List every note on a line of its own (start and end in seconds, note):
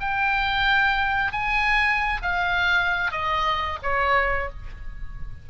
0.00 1.32 G5
1.32 2.21 G#5
2.22 3.11 F5
3.11 3.79 D#5
3.82 4.50 C#5